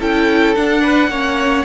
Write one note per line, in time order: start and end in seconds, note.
0.00 0.56 C#4
0.00 0.56 E4
0.00 0.81 A4
0.00 0.55 G5
0.55 1.11 D4
0.55 1.08 D4
0.55 1.65 F#5
0.81 1.09 B4
1.08 1.63 A#3
1.08 1.65 C#4
1.08 1.65 C#5